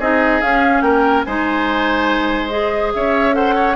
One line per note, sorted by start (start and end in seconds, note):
0.00 0.42 C4
0.00 0.43 D#4
0.00 0.84 G#4
0.00 0.42 D#5
0.42 0.82 C#4
0.42 1.27 C#4
0.42 0.81 F5
0.81 1.24 A#3
0.81 1.26 A#4
0.81 1.23 G5
1.24 2.95 G#3
1.24 2.50 D#4
1.24 2.94 C5
1.24 2.49 G#5
2.49 3.32 G#4
2.49 2.91 D#5
2.94 3.77 C#4
2.94 3.36 C#5
2.94 3.35 E5
3.32 3.74 A4
3.32 3.55 C5
3.32 3.77 F#5
3.55 3.76 C#5